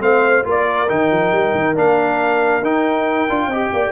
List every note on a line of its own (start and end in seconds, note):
0.00 0.44 A3
0.00 0.43 C4
0.00 0.48 C5
0.00 0.45 F5
0.44 0.89 A#3
0.44 0.87 F4
0.44 3.49 A#4
0.50 0.89 D5
0.88 1.11 D#3
0.88 1.75 D#4
0.88 1.76 G5
1.11 1.32 F3
1.32 1.54 G3
1.55 1.76 D#3
1.75 2.62 A#3
1.75 2.62 D4
1.75 2.64 F5
2.62 3.27 D#4
2.62 3.29 D#4
2.62 3.92 G5
3.29 3.47 D4
3.29 3.51 F4
3.47 3.69 C4
3.47 3.92 G4
3.47 3.71 D#5
3.73 3.92 A#3
3.73 3.92 D5